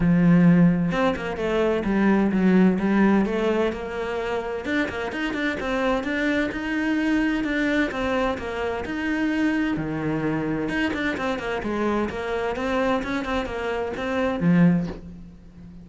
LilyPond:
\new Staff \with { instrumentName = "cello" } { \time 4/4 \tempo 4 = 129 f2 c'8 ais8 a4 | g4 fis4 g4 a4 | ais2 d'8 ais8 dis'8 d'8 | c'4 d'4 dis'2 |
d'4 c'4 ais4 dis'4~ | dis'4 dis2 dis'8 d'8 | c'8 ais8 gis4 ais4 c'4 | cis'8 c'8 ais4 c'4 f4 | }